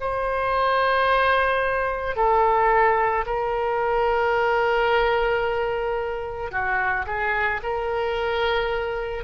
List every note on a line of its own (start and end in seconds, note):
0.00 2.16 C5
2.16 3.25 A4
3.26 6.51 A#4
6.51 7.05 F#4
7.06 7.61 G#4
7.63 9.23 A#4